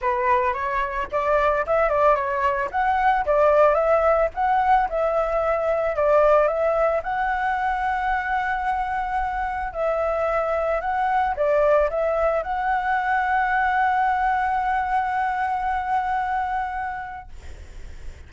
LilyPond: \new Staff \with { instrumentName = "flute" } { \time 4/4 \tempo 4 = 111 b'4 cis''4 d''4 e''8 d''8 | cis''4 fis''4 d''4 e''4 | fis''4 e''2 d''4 | e''4 fis''2.~ |
fis''2 e''2 | fis''4 d''4 e''4 fis''4~ | fis''1~ | fis''1 | }